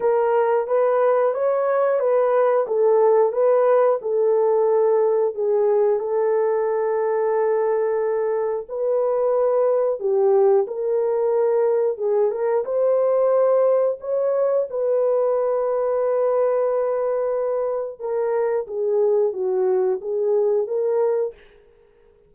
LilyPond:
\new Staff \with { instrumentName = "horn" } { \time 4/4 \tempo 4 = 90 ais'4 b'4 cis''4 b'4 | a'4 b'4 a'2 | gis'4 a'2.~ | a'4 b'2 g'4 |
ais'2 gis'8 ais'8 c''4~ | c''4 cis''4 b'2~ | b'2. ais'4 | gis'4 fis'4 gis'4 ais'4 | }